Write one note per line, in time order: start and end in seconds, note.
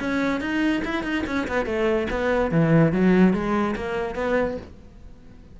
0.00 0.41 C#4
0.41 0.82 D#4
0.85 1.03 E4
1.03 1.24 D#4
1.27 1.47 C#4
1.48 1.66 B3
1.66 2.08 A3
2.10 2.51 B3
2.51 2.92 E3
2.92 3.34 F#3
3.34 3.75 G#3
3.76 4.15 A#3
4.15 4.57 B3